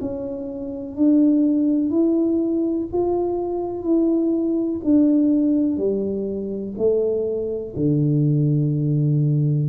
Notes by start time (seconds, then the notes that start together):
0.00 C#4
0.96 D4
1.90 E4
2.92 F4
3.84 E4
4.84 D4
5.77 G3
6.77 A3
7.76 D3